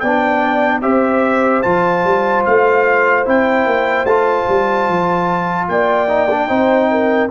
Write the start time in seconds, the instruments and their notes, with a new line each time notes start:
0.00 tuba B3, trombone D4, horn D5, trumpet G5
0.82 tuba C4, trombone G4, horn C5, trumpet E5
1.63 tuba F3, trombone F4, trumpet A5
2.04 tuba G3
2.45 tuba A3, trumpet F5
3.25 tuba C4, trombone E4, trumpet G5
3.66 tuba A#3
4.05 tuba A3, trombone F4, trumpet A5
4.49 tuba G3
4.89 tuba F3
5.68 tuba A#3, horn D5, trumpet G5
6.08 trombone D#4
6.31 trombone D4
6.48 tuba C4, trombone D#4, horn C5
6.91 horn A#4